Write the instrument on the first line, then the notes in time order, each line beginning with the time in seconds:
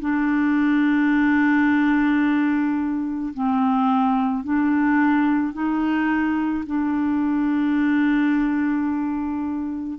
clarinet
0.00 D4
3.34 C4
4.44 D4
5.53 D#4
6.66 D4